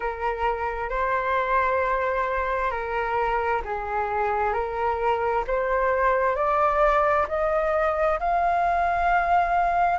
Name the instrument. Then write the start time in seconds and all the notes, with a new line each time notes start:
flute
0.00 A#4
0.89 C5
2.70 A#4
3.64 G#4
4.52 A#4
5.47 C5
6.35 D5
7.28 D#5
8.19 F5